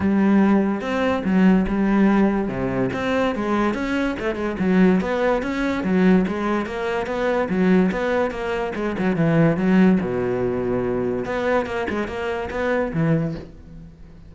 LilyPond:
\new Staff \with { instrumentName = "cello" } { \time 4/4 \tempo 4 = 144 g2 c'4 fis4 | g2 c4 c'4 | gis4 cis'4 a8 gis8 fis4 | b4 cis'4 fis4 gis4 |
ais4 b4 fis4 b4 | ais4 gis8 fis8 e4 fis4 | b,2. b4 | ais8 gis8 ais4 b4 e4 | }